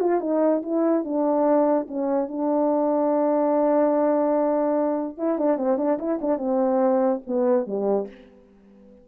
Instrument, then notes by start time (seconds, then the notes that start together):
horn
0.00 F4
0.21 D#4
0.62 E4
1.04 D4
1.87 C#4
2.28 D4
5.17 E4
5.38 D4
5.57 C4
5.77 D4
5.98 E4
6.21 D4
6.38 C4
7.27 B3
7.66 G3